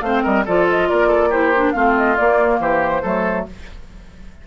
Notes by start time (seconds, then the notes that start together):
0.00 A3 C4 C5 F5
0.23 G3 A#4 D#5
0.45 F3 F4 A4 D5
0.70 D#5
0.89 A#3 A#4 D5
1.07 A4
1.30 E4 G4 C5
1.56 D4
1.72 A3 C4 F4 F5
1.97 D#5
2.16 A#3 D5
2.59 E3 G4 C5
3.02 F#3 A3 A4